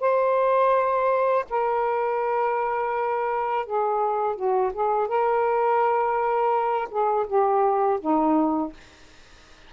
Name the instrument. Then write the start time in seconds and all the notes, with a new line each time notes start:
saxophone
0.00 C5
1.50 A#4
3.65 G#4
4.36 F#4
4.73 G#4
5.07 A#4
6.90 G#4
7.27 G4
8.00 D#4